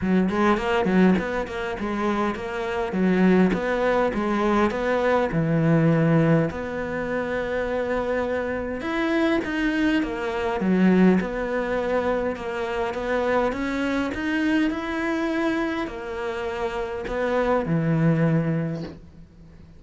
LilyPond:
\new Staff \with { instrumentName = "cello" } { \time 4/4 \tempo 4 = 102 fis8 gis8 ais8 fis8 b8 ais8 gis4 | ais4 fis4 b4 gis4 | b4 e2 b4~ | b2. e'4 |
dis'4 ais4 fis4 b4~ | b4 ais4 b4 cis'4 | dis'4 e'2 ais4~ | ais4 b4 e2 | }